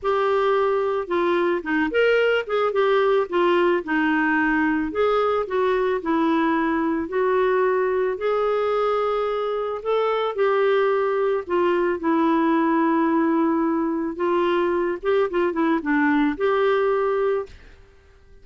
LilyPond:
\new Staff \with { instrumentName = "clarinet" } { \time 4/4 \tempo 4 = 110 g'2 f'4 dis'8 ais'8~ | ais'8 gis'8 g'4 f'4 dis'4~ | dis'4 gis'4 fis'4 e'4~ | e'4 fis'2 gis'4~ |
gis'2 a'4 g'4~ | g'4 f'4 e'2~ | e'2 f'4. g'8 | f'8 e'8 d'4 g'2 | }